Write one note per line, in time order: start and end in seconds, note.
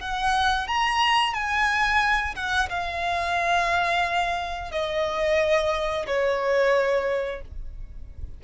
0.00 0.67 F#5
0.67 1.34 A#5
1.34 2.35 G#5
2.35 2.69 F#5
2.69 4.71 F5
4.71 6.06 D#5
6.06 7.41 C#5